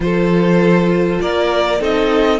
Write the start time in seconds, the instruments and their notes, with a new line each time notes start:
0.00 cello F3, viola F4, violin A4 C5
1.21 cello A#3, violin A#4 D5
1.79 cello C4, viola D#4, violin A4 D#5